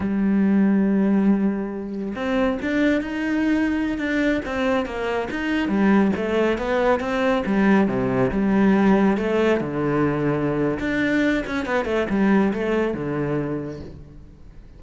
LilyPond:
\new Staff \with { instrumentName = "cello" } { \time 4/4 \tempo 4 = 139 g1~ | g4 c'4 d'4 dis'4~ | dis'4~ dis'16 d'4 c'4 ais8.~ | ais16 dis'4 g4 a4 b8.~ |
b16 c'4 g4 c4 g8.~ | g4~ g16 a4 d4.~ d16~ | d4 d'4. cis'8 b8 a8 | g4 a4 d2 | }